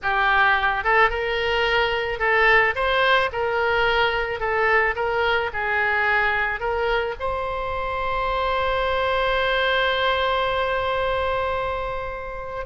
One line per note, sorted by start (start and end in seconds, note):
0.02 0.84 G4
0.84 1.10 A4
1.10 2.19 A#4
2.19 2.74 A4
2.75 3.30 C5
3.32 4.39 A#4
4.39 4.94 A4
4.95 5.50 A#4
5.53 6.59 G#4
6.59 7.14 A#4
7.19 12.66 C5